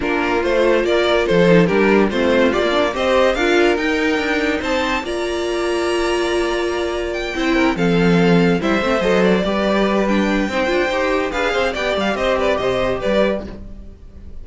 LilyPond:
<<
  \new Staff \with { instrumentName = "violin" } { \time 4/4 \tempo 4 = 143 ais'4 c''4 d''4 c''4 | ais'4 c''4 d''4 dis''4 | f''4 g''2 a''4 | ais''1~ |
ais''4 g''4. f''4.~ | f''8 e''4 dis''8 d''2 | g''2. f''4 | g''8 f''8 dis''8 d''8 dis''4 d''4 | }
  \new Staff \with { instrumentName = "violin" } { \time 4/4 f'2 ais'4 a'4 | g'4 f'2 c''4 | ais'2. c''4 | d''1~ |
d''4. c''8 ais'8 a'4.~ | a'8 c''2 b'4.~ | b'4 c''2 b'8 c''8 | d''4 c''8 b'8 c''4 b'4 | }
  \new Staff \with { instrumentName = "viola" } { \time 4/4 d'4 f'2~ f'8 dis'8 | d'4 c'4 g'16 ais16 d'8 g'4 | f'4 dis'2. | f'1~ |
f'4. e'4 c'4.~ | c'8 e'8 c'8 a'4 g'4. | d'4 dis'8 f'8 g'4 gis'4 | g'1 | }
  \new Staff \with { instrumentName = "cello" } { \time 4/4 ais4 a4 ais4 f4 | g4 a4 ais4 c'4 | d'4 dis'4 d'4 c'4 | ais1~ |
ais4. c'4 f4.~ | f8 g8 a8 fis4 g4.~ | g4 c'8 d'8 dis'4 d'8 c'8 | b8 g8 c'4 c4 g4 | }
>>